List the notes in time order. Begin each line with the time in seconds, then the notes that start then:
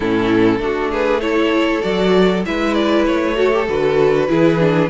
0.00 A2 C#4 E4 A4
0.58 A3 D4 F#4
0.91 G#4 B4
1.20 E4 A4 C#5
1.81 F#3 F#4 D5
2.45 G#3 E4 B4 E5
2.74 D5
3.06 A3 C#5
3.36 F#4 A4
3.53 G4
3.68 D3 F#4 B4
4.27 E3 E4 G#4
4.59 D4